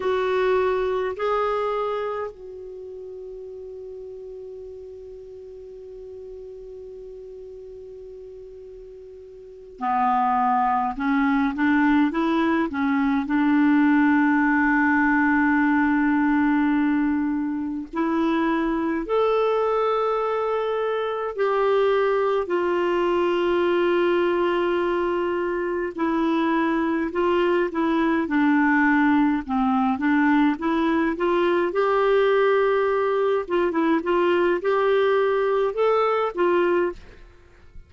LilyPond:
\new Staff \with { instrumentName = "clarinet" } { \time 4/4 \tempo 4 = 52 fis'4 gis'4 fis'2~ | fis'1~ | fis'8 b4 cis'8 d'8 e'8 cis'8 d'8~ | d'2.~ d'8 e'8~ |
e'8 a'2 g'4 f'8~ | f'2~ f'8 e'4 f'8 | e'8 d'4 c'8 d'8 e'8 f'8 g'8~ | g'4 f'16 e'16 f'8 g'4 a'8 f'8 | }